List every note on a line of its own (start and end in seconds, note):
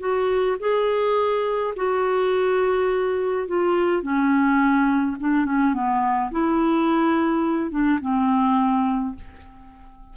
0.00 0.57 F#4
0.60 1.74 G#4
1.77 3.48 F#4
3.48 4.03 F4
4.03 5.17 C#4
5.20 5.46 D4
5.46 5.74 C#4
5.74 6.31 B3
6.31 7.71 E4
7.71 8.00 D4
8.01 9.16 C4